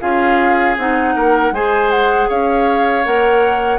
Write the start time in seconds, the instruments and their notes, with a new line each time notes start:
0.00 bassoon C#4, clarinet F4, oboe G#4, flute F5
0.77 bassoon C4, clarinet D#4, flute F#5
1.15 bassoon A#3, oboe A#4
1.51 bassoon G#3, clarinet G#4, oboe C5, flute G#5
1.90 flute F#5
2.28 bassoon C#4, oboe C#5, flute F5
3.04 bassoon A#3, clarinet A#4, flute F#5